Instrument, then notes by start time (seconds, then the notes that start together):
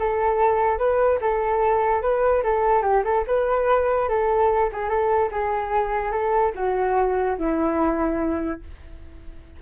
flute
0.00 A4
0.78 B4
1.21 A4
2.02 B4
2.44 A4
2.83 G4
3.05 A4
3.28 B4
4.09 A4
4.73 G#4
4.89 A4
5.32 G#4
6.12 A4
6.55 F#4
7.39 E4